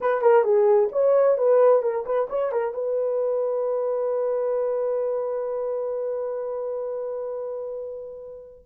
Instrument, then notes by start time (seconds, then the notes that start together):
horn
0.00 B4
0.21 A#4
0.43 G#4
0.92 C#5
1.37 B4
1.82 A#4
2.05 B4
2.29 C#5
2.51 A#4
2.74 B4